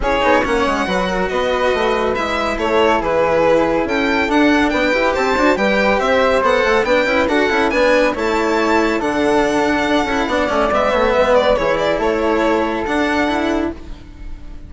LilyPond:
<<
  \new Staff \with { instrumentName = "violin" } { \time 4/4 \tempo 4 = 140 cis''4 fis''2 dis''4~ | dis''4 e''4 cis''4 b'4~ | b'4 g''4 fis''4 g''4 | a''4 g''4 e''4 fis''4 |
g''4 fis''4 gis''4 a''4~ | a''4 fis''2.~ | fis''4 e''4. d''8 cis''8 d''8 | cis''2 fis''2 | }
  \new Staff \with { instrumentName = "flute" } { \time 4/4 gis'4 cis''4 b'8 ais'8 b'4~ | b'2 a'4 gis'4~ | gis'4 a'2 b'4 | c''4 b'4 c''2 |
b'4 a'4 b'4 cis''4~ | cis''4 a'2. | d''4. cis''8 b'4 gis'4 | a'1 | }
  \new Staff \with { instrumentName = "cello" } { \time 4/4 e'8 dis'8 cis'4 fis'2~ | fis'4 e'2.~ | e'2 d'4. g'8~ | g'8 fis'8 g'2 a'4 |
d'8 e'8 fis'8 e'8 d'4 e'4~ | e'4 d'2~ d'8 e'8 | d'8 cis'8 b2 e'4~ | e'2 d'4 e'4 | }
  \new Staff \with { instrumentName = "bassoon" } { \time 4/4 cis'8 b8 ais8 gis8 fis4 b4 | a4 gis4 a4 e4~ | e4 cis'4 d'4 b8 e'8 | c'8 d'8 g4 c'4 b8 a8 |
b8 cis'8 d'8 cis'8 b4 a4~ | a4 d2 d'8 cis'8 | b8 a8 gis8 a8 gis4 e4 | a2 d'2 | }
>>